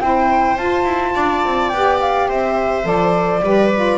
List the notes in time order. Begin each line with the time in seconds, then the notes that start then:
0.00 C4 E4 C5 G5
0.57 F4 A5
0.85 E4
1.15 D4 D5
1.45 C4
1.69 B3 G4 G5
2.00 F5
2.28 C4 C5 E5
2.83 F3 A4 D5
3.40 G3 G4 B4
3.75 F4